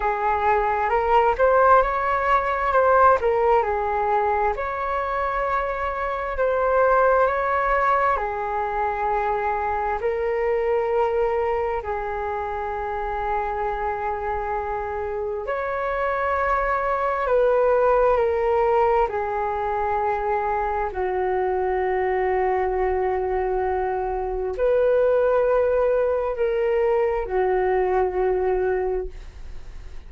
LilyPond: \new Staff \with { instrumentName = "flute" } { \time 4/4 \tempo 4 = 66 gis'4 ais'8 c''8 cis''4 c''8 ais'8 | gis'4 cis''2 c''4 | cis''4 gis'2 ais'4~ | ais'4 gis'2.~ |
gis'4 cis''2 b'4 | ais'4 gis'2 fis'4~ | fis'2. b'4~ | b'4 ais'4 fis'2 | }